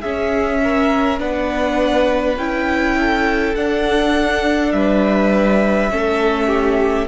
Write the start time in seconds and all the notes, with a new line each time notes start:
0.00 C#4 G#4 E5
0.63 A#4
1.19 B3 D4 B4 F#5
2.37 C#4 E4 G5
3.00 A4
3.55 D4 F#5
4.72 G3 B4 E5
5.90 A3 C#4 A4
6.47 G4